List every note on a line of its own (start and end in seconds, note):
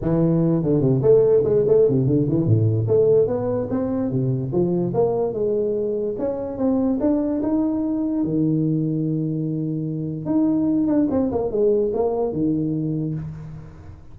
0.01 0.62 E3
0.62 0.80 D3
0.80 1.01 C3
1.02 1.43 A3
1.44 1.64 G#3
1.67 1.88 A3
1.88 2.07 C3
2.07 2.27 D3
2.28 2.46 E3
2.46 2.87 A2
2.87 3.27 A3
3.27 3.68 B3
3.70 4.10 C4
4.10 4.51 C3
4.52 4.93 F3
4.94 5.33 A#3
5.33 6.15 G#3
6.18 6.57 C#4
6.57 6.98 C4
7.00 7.41 D4
7.42 8.23 D#4
8.23 10.25 D#3
10.25 10.87 D#4
10.87 11.07 D4
11.10 11.31 C4
11.31 11.51 A#3
11.51 11.92 G#3
11.93 12.32 A#3
12.32 13.14 D#3